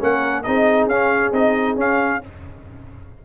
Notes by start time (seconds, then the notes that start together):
0.00 A#3 C#4 A#4 F#5
0.43 C4 D#4 G#4 D#5
0.87 C#4 F5
1.32 C4 D#4 D#5
1.76 C#4 F5